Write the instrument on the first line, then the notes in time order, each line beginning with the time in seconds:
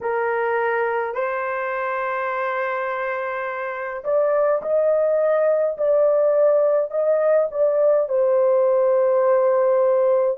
horn
0.01 A#4
1.14 C5
4.04 D5
4.62 D#5
5.77 D5
6.90 D#5
7.51 D5
8.08 C5